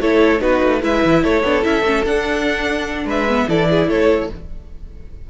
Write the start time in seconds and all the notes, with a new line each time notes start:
0.00 A3 E4 A4 C#5
0.39 B3 D#4 F#4 B4
0.62 A3
0.81 G#3 E4 B4 E5
1.04 E3
1.22 A3 A4 C#5
1.43 B3 D4
1.62 C#4 E4 E5
1.81 A3 C#4
2.03 D4 F#5
3.04 G#3 B4 E5
3.28 B3
3.47 E3 E4 A4 D5
3.69 G#4
3.88 A3 A4 C#5